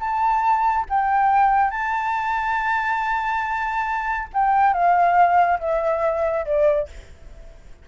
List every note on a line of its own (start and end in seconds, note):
0.00 0.86 A5
0.90 1.71 G5
1.71 4.28 A5
4.33 4.74 G5
4.74 5.59 F5
5.60 6.45 E5
6.45 6.88 D5